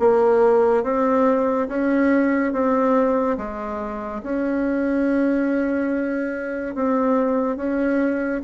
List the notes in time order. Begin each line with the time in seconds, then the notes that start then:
0.00 A#3
0.84 C4
1.69 C#4
2.53 C4
3.38 G#3
4.24 C#4
6.75 C4
7.57 C#4